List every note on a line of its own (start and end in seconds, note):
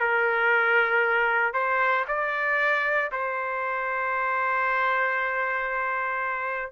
0.00 1.53 A#4
1.53 2.05 C5
2.08 3.11 D5
3.12 6.72 C5